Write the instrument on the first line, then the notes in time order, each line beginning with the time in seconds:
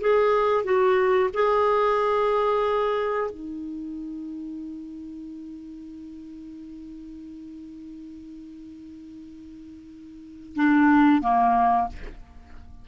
clarinet
0.00 G#4
0.64 F#4
1.33 G#4
3.31 D#4
10.55 D4
11.21 A#3